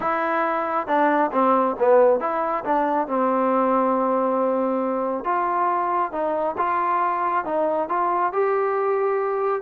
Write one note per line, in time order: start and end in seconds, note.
0.00 0.87 E4
0.87 1.30 D4
1.32 1.76 C4
1.79 2.20 B3
2.20 2.63 E4
2.64 3.07 D4
3.07 5.24 C4
5.24 6.11 F4
6.11 6.55 D#4
6.57 7.45 F4
7.45 7.88 D#4
7.88 8.32 F4
8.33 9.61 G4